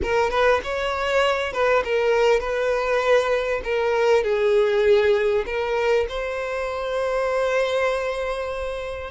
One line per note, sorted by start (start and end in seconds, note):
0.02 0.30 A#4
0.30 0.60 B4
0.63 1.52 C#5
1.52 1.83 B4
1.84 2.40 A#4
2.40 3.61 B4
3.64 4.23 A#4
4.23 5.45 G#4
5.45 6.06 A#4
6.09 9.10 C5